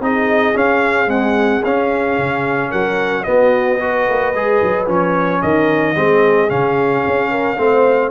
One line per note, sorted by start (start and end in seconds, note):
0.00 0.54 C4
0.00 0.54 D#4
0.00 2.70 G#4
0.00 0.57 D#5
0.54 1.07 C#4
0.54 1.08 C#4
0.54 1.09 F5
1.07 1.61 G#3
1.07 1.62 C4
1.07 1.64 F#5
1.64 2.18 C#4
1.64 3.25 C#4
1.64 2.71 F5
2.18 2.72 C#3
2.70 3.26 F#3
2.70 3.24 A#4
2.70 3.23 F#5
3.23 3.79 B3
3.23 4.08 B3
3.23 3.81 F#4
3.23 4.85 D#5
3.80 4.34 F#4
3.80 5.42 B4
4.09 4.34 A#3
4.34 4.61 G#3
4.34 4.87 G#4
4.62 4.87 F#3
4.87 5.41 F3
4.87 5.95 C#4
4.87 5.42 C#5
5.42 5.95 D#3
5.42 5.96 A#4
5.42 6.50 D#5
5.95 6.50 G#3
5.95 6.49 C4
5.95 7.31 G#4
6.49 7.04 C#3
6.49 7.57 C#4
6.49 8.11 F5
7.07 7.58 C#4
7.31 7.58 A#4
7.58 8.11 A3
7.58 8.11 C4
7.58 8.11 C5